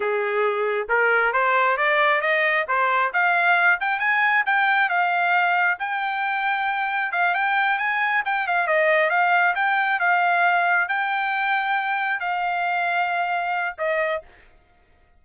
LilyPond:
\new Staff \with { instrumentName = "trumpet" } { \time 4/4 \tempo 4 = 135 gis'2 ais'4 c''4 | d''4 dis''4 c''4 f''4~ | f''8 g''8 gis''4 g''4 f''4~ | f''4 g''2. |
f''8 g''4 gis''4 g''8 f''8 dis''8~ | dis''8 f''4 g''4 f''4.~ | f''8 g''2. f''8~ | f''2. dis''4 | }